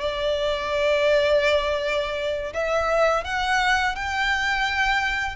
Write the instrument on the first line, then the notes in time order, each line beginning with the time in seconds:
violin
0.00 D5
2.53 E5
3.24 F#5
3.95 G5